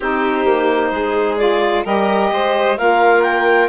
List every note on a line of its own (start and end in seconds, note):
0.00 0.44 C4
0.00 1.38 D#4
0.00 0.91 G4
0.00 1.37 C5
0.44 0.90 A#3
0.91 1.83 G#3
0.91 1.84 G#4
1.37 1.84 F4
1.37 1.83 D5
1.84 2.31 G3
1.84 2.76 G4
1.84 2.30 A#4
1.84 2.77 D#5
2.31 2.77 G#3
2.31 2.78 C5
2.77 3.68 A#3
2.77 3.68 F4
2.77 3.68 A#4
2.77 3.22 F5
3.22 3.68 G5